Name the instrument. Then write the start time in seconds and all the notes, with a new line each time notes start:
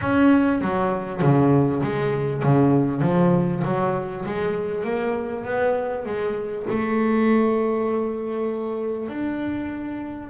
double bass
0.01 C#4
0.61 F#3
1.21 C#3
1.82 G#3
2.42 C#3
3.01 F3
3.64 F#3
4.25 G#3
4.84 A#3
5.44 B3
6.05 G#3
6.69 A3
9.09 D4